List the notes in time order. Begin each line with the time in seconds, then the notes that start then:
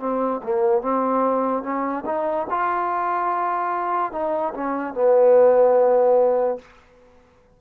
0.00 C4
0.44 A#3
0.82 C4
1.63 C#4
2.06 D#4
2.50 F4
4.12 D#4
4.54 C#4
4.95 B3